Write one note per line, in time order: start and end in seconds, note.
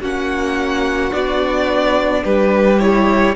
0.00 1.12 A#3
0.00 1.11 C#4
0.00 2.22 F#4
0.00 1.13 F#5
1.11 2.24 B3
1.11 2.78 D4
1.11 2.24 D5
2.24 3.36 G3
2.24 3.35 G4
2.24 2.79 B4
2.79 3.35 E4
2.79 3.35 C#5